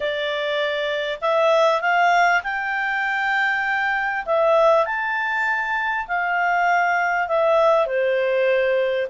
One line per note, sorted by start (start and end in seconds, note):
0.00 1.19 D5
1.21 1.81 E5
1.81 2.42 F5
2.43 4.25 G5
4.25 4.85 E5
4.85 6.06 A5
6.07 7.28 F5
7.28 7.86 E5
7.86 9.07 C5